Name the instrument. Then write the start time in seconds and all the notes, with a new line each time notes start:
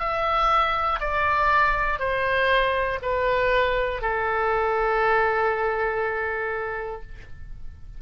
oboe
0.00 E5
1.00 D5
2.00 C5
3.02 B4
4.02 A4